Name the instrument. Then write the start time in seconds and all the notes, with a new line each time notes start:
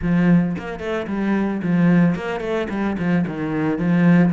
cello
0.02 F3
0.58 A#3
0.79 A3
1.07 G3
1.62 F3
2.15 A#3
2.40 A3
2.69 G3
2.98 F3
3.27 D#3
3.78 F3